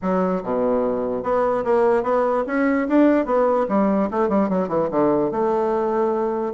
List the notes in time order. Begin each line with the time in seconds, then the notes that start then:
0.01 F#3
0.43 B2
1.23 B3
1.64 A#3
2.03 B3
2.47 C#4
2.88 D4
3.25 B3
3.68 G3
4.10 A3
4.28 G3
4.49 F#3
4.68 E3
4.90 D3
5.31 A3